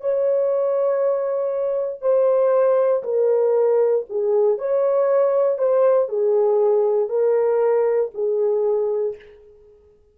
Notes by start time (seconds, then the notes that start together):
0.00 C#5
2.01 C5
3.03 A#4
4.09 G#4
4.58 C#5
5.58 C5
6.08 G#4
7.09 A#4
8.14 G#4